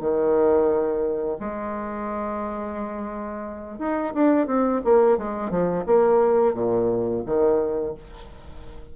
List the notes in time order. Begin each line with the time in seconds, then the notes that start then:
0.00 D#3
1.39 G#3
3.79 D#4
4.14 D4
4.46 C4
4.84 A#3
5.18 G#3
5.50 F3
5.86 A#3
6.54 A#2
7.25 D#3